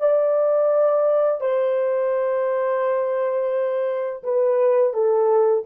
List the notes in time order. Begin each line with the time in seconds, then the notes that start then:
0.00 D5
1.41 C5
4.24 B4
4.93 A4